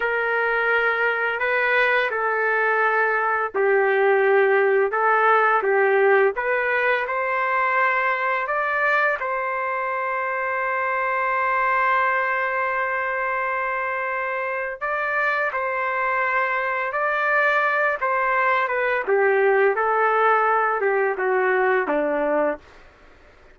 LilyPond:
\new Staff \with { instrumentName = "trumpet" } { \time 4/4 \tempo 4 = 85 ais'2 b'4 a'4~ | a'4 g'2 a'4 | g'4 b'4 c''2 | d''4 c''2.~ |
c''1~ | c''4 d''4 c''2 | d''4. c''4 b'8 g'4 | a'4. g'8 fis'4 d'4 | }